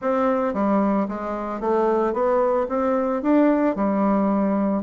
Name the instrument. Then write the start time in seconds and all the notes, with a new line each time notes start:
bassoon
0.01 C4
0.53 G3
1.08 G#3
1.60 A3
2.13 B3
2.68 C4
3.22 D4
3.75 G3